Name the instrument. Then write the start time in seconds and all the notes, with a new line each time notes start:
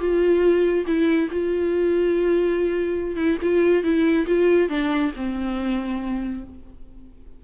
viola
0.00 F4
0.87 E4
1.31 F4
3.16 E4
3.42 F4
3.84 E4
4.27 F4
4.69 D4
5.16 C4